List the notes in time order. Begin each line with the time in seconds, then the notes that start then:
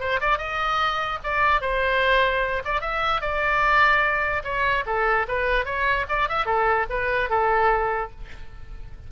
0.00 C5
0.21 D5
0.38 D#5
1.24 D5
1.61 C5
2.65 D5
2.81 E5
3.21 D5
4.44 C#5
4.86 A4
5.28 B4
5.65 C#5
6.09 D5
6.29 E5
6.46 A4
6.90 B4
7.30 A4